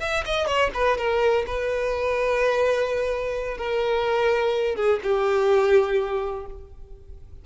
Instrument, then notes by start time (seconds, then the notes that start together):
violin
0.00 E5
0.25 D#5
0.47 C#5
0.74 B4
0.97 A#4
1.47 B4
3.57 A#4
4.75 G#4
5.03 G4